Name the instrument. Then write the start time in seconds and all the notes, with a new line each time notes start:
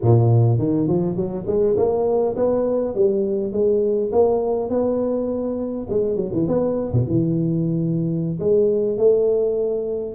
tuba
0.02 A#2
0.58 D#3
0.87 F3
1.16 F#3
1.46 G#3
1.76 A#3
2.35 B3
2.94 G3
3.52 G#3
4.11 A#3
4.69 B3
5.89 G#3
6.16 F#3
6.32 E3
6.47 B3
6.93 B2
7.07 E3
8.39 G#3
8.97 A3